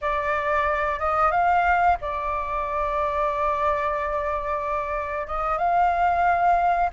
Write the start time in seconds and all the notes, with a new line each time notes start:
0.01 D5
0.99 D#5
1.31 F5
2.01 D5
5.27 D#5
5.57 F5